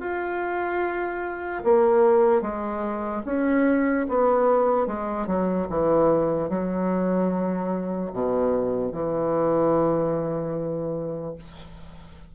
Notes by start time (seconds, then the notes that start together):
0.00 F4
1.64 A#3
2.41 G#3
3.25 C#4
4.08 B3
4.86 G#3
5.27 F#3
5.69 E3
6.49 F#3
8.13 B2
8.92 E3